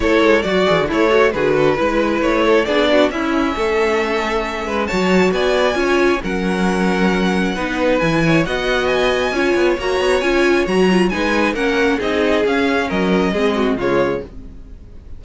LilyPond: <<
  \new Staff \with { instrumentName = "violin" } { \time 4/4 \tempo 4 = 135 cis''4 d''4 cis''4 b'4~ | b'4 cis''4 d''4 e''4~ | e''2. a''4 | gis''2 fis''2~ |
fis''2 gis''4 fis''4 | gis''2 ais''4 gis''4 | ais''4 gis''4 fis''4 dis''4 | f''4 dis''2 cis''4 | }
  \new Staff \with { instrumentName = "violin" } { \time 4/4 a'4 fis'4 e'8 fis'8 gis'8 a'8 | b'4. a'8 gis'8 fis'8 e'4 | a'2~ a'8 b'8 cis''4 | d''4 cis''4 ais'2~ |
ais'4 b'4. cis''8 dis''4~ | dis''4 cis''2.~ | cis''4 b'4 ais'4 gis'4~ | gis'4 ais'4 gis'8 fis'8 f'4 | }
  \new Staff \with { instrumentName = "viola" } { \time 4/4 e'4 fis'8 gis'8 a'4 fis'4 | e'2 d'4 cis'4~ | cis'2. fis'4~ | fis'4 f'4 cis'2~ |
cis'4 dis'4 e'4 fis'4~ | fis'4 f'4 fis'4 f'4 | fis'8 f'8 dis'4 cis'4 dis'4 | cis'2 c'4 gis4 | }
  \new Staff \with { instrumentName = "cello" } { \time 4/4 a8 gis8 fis8 e16 d16 a4 d4 | gis4 a4 b4 cis'4 | a2~ a8 gis8 fis4 | b4 cis'4 fis2~ |
fis4 b4 e4 b4~ | b4 cis'8 b8 ais8 b8 cis'4 | fis4 gis4 ais4 c'4 | cis'4 fis4 gis4 cis4 | }
>>